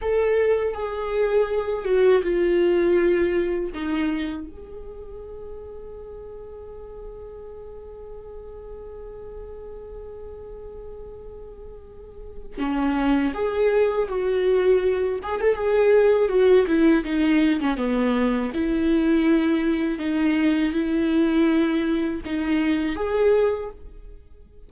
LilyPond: \new Staff \with { instrumentName = "viola" } { \time 4/4 \tempo 4 = 81 a'4 gis'4. fis'8 f'4~ | f'4 dis'4 gis'2~ | gis'1~ | gis'1~ |
gis'4 cis'4 gis'4 fis'4~ | fis'8 gis'16 a'16 gis'4 fis'8 e'8 dis'8. cis'16 | b4 e'2 dis'4 | e'2 dis'4 gis'4 | }